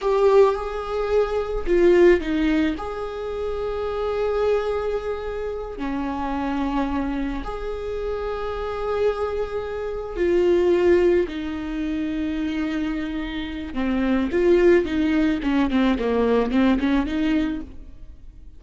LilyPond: \new Staff \with { instrumentName = "viola" } { \time 4/4 \tempo 4 = 109 g'4 gis'2 f'4 | dis'4 gis'2.~ | gis'2~ gis'8 cis'4.~ | cis'4. gis'2~ gis'8~ |
gis'2~ gis'8 f'4.~ | f'8 dis'2.~ dis'8~ | dis'4 c'4 f'4 dis'4 | cis'8 c'8 ais4 c'8 cis'8 dis'4 | }